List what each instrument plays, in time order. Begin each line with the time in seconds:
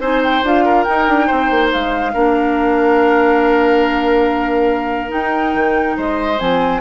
0.00 bassoon C4, clarinet D#4, oboe C5, flute G#5
0.24 flute G5
0.43 bassoon D4, clarinet F4, flute F5
0.65 oboe A#4
0.84 clarinet D#4, bassoon D#4, flute G5
1.09 bassoon D4
1.27 bassoon C4, oboe C5
1.51 bassoon A#3
1.73 bassoon G#3, flute F5
2.13 bassoon A#3, clarinet D4, oboe A#4
5.09 clarinet D#4, bassoon D#4, flute G5
5.55 bassoon D#3
5.97 bassoon G#3, oboe C5, flute D#5
6.40 bassoon F3, clarinet C4, flute G#5